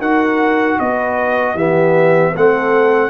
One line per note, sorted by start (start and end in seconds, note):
0.00 0.79 D#4
0.00 1.57 F#4
0.00 0.78 A#4
0.00 0.80 F#5
0.80 1.55 B3
0.80 1.55 B4
0.80 1.58 D#5
1.55 2.33 E3
1.55 2.35 B3
1.55 2.33 G4
1.55 2.36 E5
2.34 3.10 A3
2.34 3.10 C4
2.34 3.10 A4
2.34 3.10 F#5